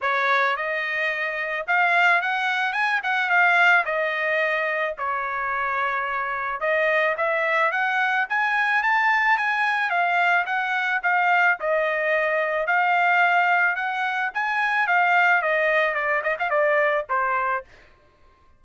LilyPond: \new Staff \with { instrumentName = "trumpet" } { \time 4/4 \tempo 4 = 109 cis''4 dis''2 f''4 | fis''4 gis''8 fis''8 f''4 dis''4~ | dis''4 cis''2. | dis''4 e''4 fis''4 gis''4 |
a''4 gis''4 f''4 fis''4 | f''4 dis''2 f''4~ | f''4 fis''4 gis''4 f''4 | dis''4 d''8 dis''16 f''16 d''4 c''4 | }